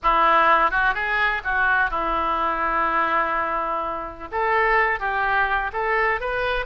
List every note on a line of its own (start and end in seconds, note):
0.02 0.71 E4
0.71 0.94 F#4
0.94 1.42 G#4
1.44 1.90 F#4
1.90 4.28 E4
4.31 4.99 A4
4.99 5.71 G4
5.72 6.20 A4
6.20 6.65 B4